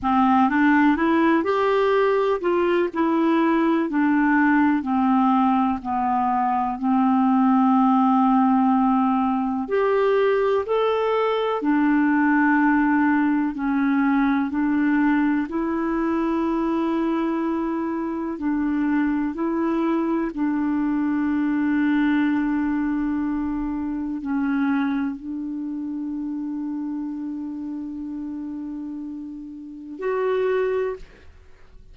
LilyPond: \new Staff \with { instrumentName = "clarinet" } { \time 4/4 \tempo 4 = 62 c'8 d'8 e'8 g'4 f'8 e'4 | d'4 c'4 b4 c'4~ | c'2 g'4 a'4 | d'2 cis'4 d'4 |
e'2. d'4 | e'4 d'2.~ | d'4 cis'4 d'2~ | d'2. fis'4 | }